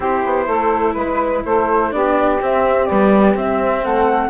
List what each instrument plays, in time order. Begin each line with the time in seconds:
0.00 bassoon C4, cello E4, saxophone G4, flute C5
0.25 bassoon B3
0.47 bassoon A3, saxophone A4
0.93 bassoon G#3, flute B4, saxophone B4
1.45 bassoon A3, saxophone A4, flute C5
1.90 bassoon B3, cello D4, saxophone G4, flute D5
2.41 bassoon C4, cello C4, flute E5
2.86 cello G3, bassoon B3, flute D5
3.35 cello C4, bassoon C4, flute E5
3.82 bassoon A3, saxophone A4, flute F#5